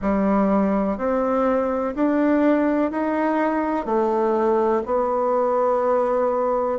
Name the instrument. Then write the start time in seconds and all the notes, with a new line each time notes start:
bassoon
0.01 G3
0.97 C4
1.95 D4
2.91 D#4
3.85 A3
4.85 B3